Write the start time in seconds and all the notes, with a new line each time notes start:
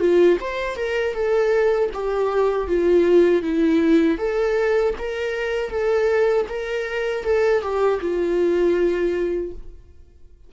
0.00 F4
0.40 C5
0.76 A#4
1.14 A4
1.94 G4
2.68 F4
3.42 E4
4.18 A4
4.99 A#4
5.70 A4
6.49 A#4
7.24 A4
7.62 G4
8.01 F4